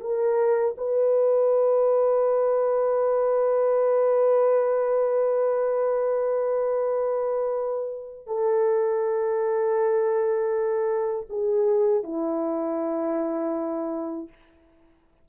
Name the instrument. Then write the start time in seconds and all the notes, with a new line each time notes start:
horn
0.00 A#4
0.77 B4
8.26 A4
11.29 G#4
12.03 E4